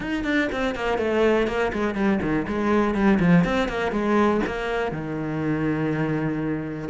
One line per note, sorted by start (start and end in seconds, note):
0.00 0.24 D#4
0.24 0.48 D4
0.52 0.75 C4
0.75 0.98 A#3
0.98 1.47 A3
1.47 1.71 A#3
1.72 1.94 G#3
1.94 2.19 G3
2.21 2.46 D#3
2.48 2.94 G#3
2.94 3.19 G3
3.19 3.44 F3
3.44 3.68 C4
3.68 3.91 A#3
3.91 4.40 G#3
4.46 4.91 A#3
4.91 6.88 D#3